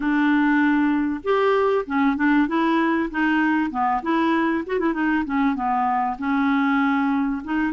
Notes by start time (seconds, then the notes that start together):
0.00 D4
1.23 G4
1.86 C#4
2.16 D4
2.47 E4
3.10 D#4
3.70 B3
4.02 E4
4.66 F#4
4.79 E4
4.93 D#4
5.25 C#4
5.55 B3
6.18 C#4
7.43 D#4